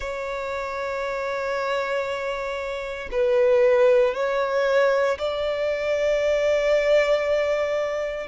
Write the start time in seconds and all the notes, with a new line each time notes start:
0.00 C#5
3.11 B4
4.14 C#5
5.18 D5